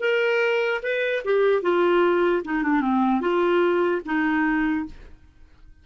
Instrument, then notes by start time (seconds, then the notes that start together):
clarinet
0.00 A#4
0.82 B4
1.24 G4
1.62 F4
2.44 D#4
2.63 D4
2.81 C4
3.21 F4
4.05 D#4